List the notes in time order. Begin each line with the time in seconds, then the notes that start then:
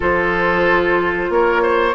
0.00 F3 F4 A4 C5
1.29 A#3 A#4 C#5
1.62 C5